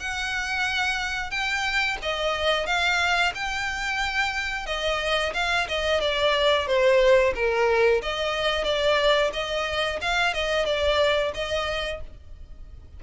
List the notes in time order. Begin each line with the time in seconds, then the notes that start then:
0.00 F#5
1.31 G5
2.03 D#5
2.66 F5
3.35 G5
4.67 D#5
5.35 F5
5.69 D#5
6.01 D5
6.67 C5
7.35 A#4
8.03 D#5
8.65 D5
9.33 D#5
10.02 F5
10.35 D#5
10.66 D5
11.35 D#5